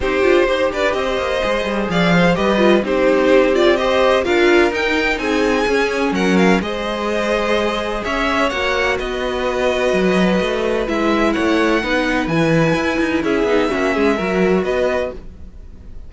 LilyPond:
<<
  \new Staff \with { instrumentName = "violin" } { \time 4/4 \tempo 4 = 127 c''4. d''8 dis''2 | f''4 dis''4 c''4. d''8 | dis''4 f''4 g''4 gis''4~ | gis''4 fis''8 f''8 dis''2~ |
dis''4 e''4 fis''4 dis''4~ | dis''2. e''4 | fis''2 gis''2 | e''2. dis''4 | }
  \new Staff \with { instrumentName = "violin" } { \time 4/4 g'4 c''8 b'8 c''2 | d''8 c''8 b'4 g'2 | c''4 ais'2 gis'4~ | gis'4 ais'4 c''2~ |
c''4 cis''2 b'4~ | b'1 | cis''4 b'2. | gis'4 fis'8 gis'8 ais'4 b'4 | }
  \new Staff \with { instrumentName = "viola" } { \time 4/4 dis'8 f'8 g'2 gis'4~ | gis'4 g'8 f'8 dis'4. f'8 | g'4 f'4 dis'2 | cis'2 gis'2~ |
gis'2 fis'2~ | fis'2. e'4~ | e'4 dis'4 e'2~ | e'8 dis'8 cis'4 fis'2 | }
  \new Staff \with { instrumentName = "cello" } { \time 4/4 c'8 d'8 dis'8 d'8 c'8 ais8 gis8 g8 | f4 g4 c'2~ | c'4 d'4 dis'4 c'4 | cis'4 fis4 gis2~ |
gis4 cis'4 ais4 b4~ | b4 fis4 a4 gis4 | a4 b4 e4 e'8 dis'8 | cis'8 b8 ais8 gis8 fis4 b4 | }
>>